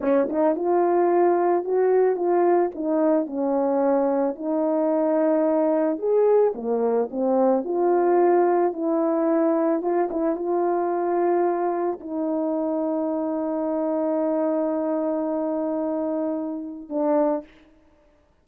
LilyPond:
\new Staff \with { instrumentName = "horn" } { \time 4/4 \tempo 4 = 110 cis'8 dis'8 f'2 fis'4 | f'4 dis'4 cis'2 | dis'2. gis'4 | ais4 c'4 f'2 |
e'2 f'8 e'8 f'4~ | f'2 dis'2~ | dis'1~ | dis'2. d'4 | }